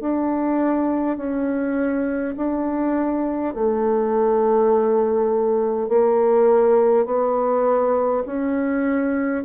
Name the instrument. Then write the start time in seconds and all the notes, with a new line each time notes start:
bassoon
0.00 D4
1.17 C#4
2.36 D4
3.54 A3
5.88 A#3
7.05 B3
8.26 C#4